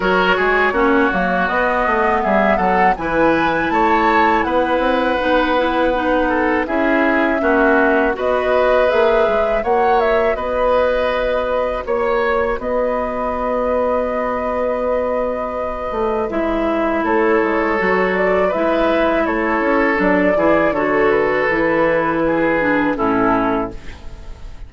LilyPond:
<<
  \new Staff \with { instrumentName = "flute" } { \time 4/4 \tempo 4 = 81 cis''2 dis''4 e''8 fis''8 | gis''4 a''4 fis''2~ | fis''4 e''2 dis''4 | e''4 fis''8 e''8 dis''2 |
cis''4 dis''2.~ | dis''2 e''4 cis''4~ | cis''8 d''8 e''4 cis''4 d''4 | cis''8 b'2~ b'8 a'4 | }
  \new Staff \with { instrumentName = "oboe" } { \time 4/4 ais'8 gis'8 fis'2 gis'8 a'8 | b'4 cis''4 b'2~ | b'8 a'8 gis'4 fis'4 b'4~ | b'4 cis''4 b'2 |
cis''4 b'2.~ | b'2. a'4~ | a'4 b'4 a'4. gis'8 | a'2 gis'4 e'4 | }
  \new Staff \with { instrumentName = "clarinet" } { \time 4/4 fis'4 cis'8 ais8 b2 | e'2. dis'8 e'8 | dis'4 e'4 cis'4 fis'4 | gis'4 fis'2.~ |
fis'1~ | fis'2 e'2 | fis'4 e'2 d'8 e'8 | fis'4 e'4. d'8 cis'4 | }
  \new Staff \with { instrumentName = "bassoon" } { \time 4/4 fis8 gis8 ais8 fis8 b8 a8 g8 fis8 | e4 a4 b8 c'8 b4~ | b4 cis'4 ais4 b4 | ais8 gis8 ais4 b2 |
ais4 b2.~ | b4. a8 gis4 a8 gis8 | fis4 gis4 a8 cis'8 fis8 e8 | d4 e2 a,4 | }
>>